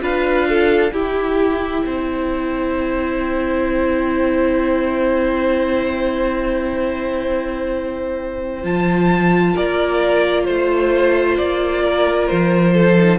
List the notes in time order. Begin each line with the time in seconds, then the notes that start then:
0.00 D4 F4 B4 F5
0.48 A4
0.92 E4 G4 G5
1.86 C4 C5
8.63 F3 F4 A5
9.52 A#3 A#4 D5
10.45 A3 C5
11.37 A#3 D5
11.83 A#4
12.27 F3 C5
12.74 A4
12.97 D#4